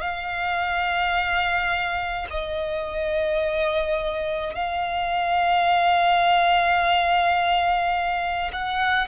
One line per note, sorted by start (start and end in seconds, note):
0.00 2.26 F5
2.30 4.54 D#5
4.54 8.51 F5
8.53 9.07 F#5